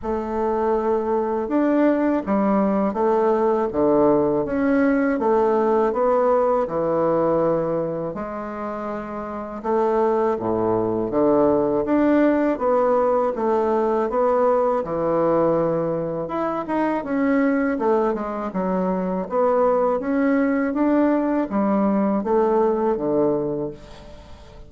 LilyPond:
\new Staff \with { instrumentName = "bassoon" } { \time 4/4 \tempo 4 = 81 a2 d'4 g4 | a4 d4 cis'4 a4 | b4 e2 gis4~ | gis4 a4 a,4 d4 |
d'4 b4 a4 b4 | e2 e'8 dis'8 cis'4 | a8 gis8 fis4 b4 cis'4 | d'4 g4 a4 d4 | }